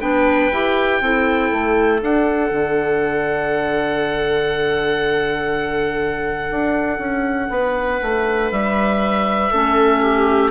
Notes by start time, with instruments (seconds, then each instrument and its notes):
0.00 bassoon B3, clarinet D4, viola B4, oboe G5
0.52 bassoon E4, clarinet G4
1.01 bassoon C4, clarinet E4, viola A4
1.52 bassoon A3
1.99 clarinet D4, bassoon D4, oboe F#5
2.50 bassoon D3
6.50 bassoon D4
6.99 bassoon C#4
7.50 bassoon B3, viola B4
8.02 bassoon A3
8.51 bassoon G3, oboe E5
9.50 bassoon A3, clarinet C#4, viola A4
10.02 viola G4